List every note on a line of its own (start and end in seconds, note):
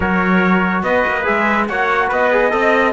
0.00 0.83 F#3
0.00 1.23 F#4
0.00 0.84 A#4
0.00 0.83 C#5
0.83 1.03 B3
0.83 1.69 B4
0.83 1.25 D#5
1.07 1.27 A#3
1.23 1.69 G#3
1.23 1.65 G#4
1.23 1.68 E5
1.68 2.11 A#3
1.68 2.31 F#4
1.68 2.08 C#5
1.68 2.10 F#5
2.08 2.53 B3
2.08 2.50 B4
2.08 2.92 D#5
2.31 2.50 G#4
2.50 2.92 C4
2.50 2.92 A4
2.50 2.92 D#5